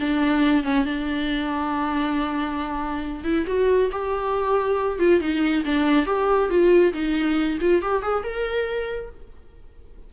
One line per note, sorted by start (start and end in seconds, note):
0.00 0.64 D4
0.64 0.86 C#4
0.86 3.24 D4
3.24 3.46 E4
3.47 3.90 F#4
3.92 5.00 G4
5.00 5.21 F4
5.21 5.64 D#4
5.65 6.06 D4
6.06 6.50 G4
6.50 6.93 F4
6.93 7.58 D#4
7.61 7.82 F4
7.82 8.03 G4
8.03 8.24 G#4
8.24 9.10 A#4